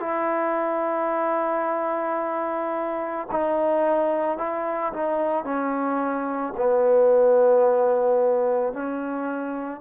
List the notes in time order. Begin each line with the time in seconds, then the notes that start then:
0.00 E4
3.31 D#4
4.38 E4
4.93 D#4
5.44 C#4
6.57 B3
8.73 C#4